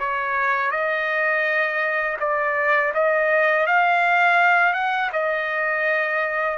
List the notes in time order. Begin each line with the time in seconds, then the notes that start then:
0.00 C#5
0.72 D#5
2.20 D5
2.95 D#5
3.67 F5
4.74 F#5
5.13 D#5